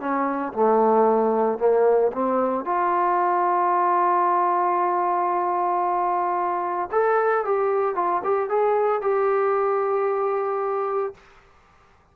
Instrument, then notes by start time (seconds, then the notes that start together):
trombone
0.00 C#4
0.53 A3
1.59 A#3
2.13 C4
2.65 F4
6.92 A4
7.45 G4
7.96 F4
8.24 G4
8.49 G#4
9.02 G4